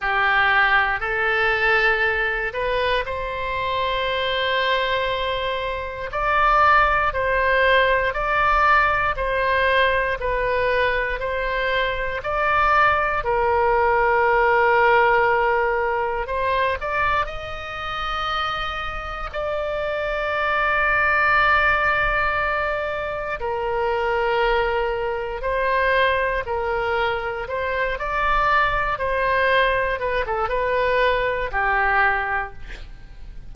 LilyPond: \new Staff \with { instrumentName = "oboe" } { \time 4/4 \tempo 4 = 59 g'4 a'4. b'8 c''4~ | c''2 d''4 c''4 | d''4 c''4 b'4 c''4 | d''4 ais'2. |
c''8 d''8 dis''2 d''4~ | d''2. ais'4~ | ais'4 c''4 ais'4 c''8 d''8~ | d''8 c''4 b'16 a'16 b'4 g'4 | }